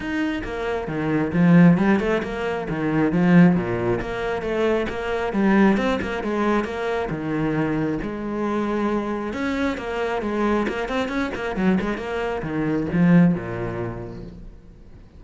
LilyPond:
\new Staff \with { instrumentName = "cello" } { \time 4/4 \tempo 4 = 135 dis'4 ais4 dis4 f4 | g8 a8 ais4 dis4 f4 | ais,4 ais4 a4 ais4 | g4 c'8 ais8 gis4 ais4 |
dis2 gis2~ | gis4 cis'4 ais4 gis4 | ais8 c'8 cis'8 ais8 fis8 gis8 ais4 | dis4 f4 ais,2 | }